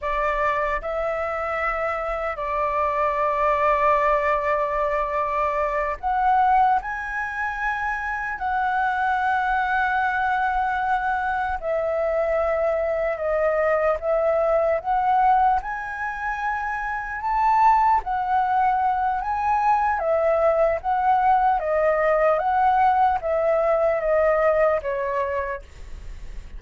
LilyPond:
\new Staff \with { instrumentName = "flute" } { \time 4/4 \tempo 4 = 75 d''4 e''2 d''4~ | d''2.~ d''8 fis''8~ | fis''8 gis''2 fis''4.~ | fis''2~ fis''8 e''4.~ |
e''8 dis''4 e''4 fis''4 gis''8~ | gis''4. a''4 fis''4. | gis''4 e''4 fis''4 dis''4 | fis''4 e''4 dis''4 cis''4 | }